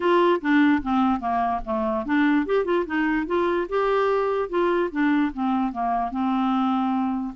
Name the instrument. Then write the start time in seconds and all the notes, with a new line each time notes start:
clarinet
0.00 F4
0.41 D4
0.82 C4
1.19 A#3
1.64 A3
2.05 D4
2.46 G4
2.64 F4
2.86 D#4
3.26 F4
3.68 G4
4.49 F4
4.91 D4
5.33 C4
5.72 A#3
6.11 C4